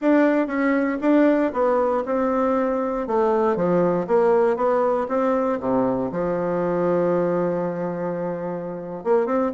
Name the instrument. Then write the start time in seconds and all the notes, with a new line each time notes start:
bassoon
0.01 D4
0.47 C#4
1.01 D4
1.53 B3
2.05 C4
3.07 A3
3.56 F3
4.07 A#3
4.56 B3
5.08 C4
5.60 C3
6.11 F3
9.03 A#3
9.26 C4